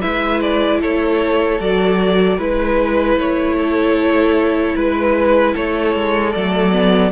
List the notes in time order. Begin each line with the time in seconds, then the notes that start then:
0.00 G#3 E4 B4 E5
0.41 D5
0.80 A3 A4 C#5
1.60 F#3 F#4 D5
2.37 G#3 E4 B4
3.17 A3 C#5
3.58 A4
4.75 G#3 B4
5.53 A3 A4 C#5
5.95 G#3
6.32 F#3 A3 D5
6.72 B3